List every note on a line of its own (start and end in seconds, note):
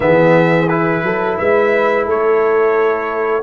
0.00 1.03 E3
0.00 0.67 B3
0.00 1.04 G#4
0.00 0.68 E5
0.68 3.42 E4
0.68 1.37 B4
1.03 1.37 F#3
1.03 1.38 A4
1.37 2.07 G#3
1.37 2.06 B4
1.37 2.06 E5
2.06 3.42 A3
2.06 3.42 A4
2.06 3.42 C#5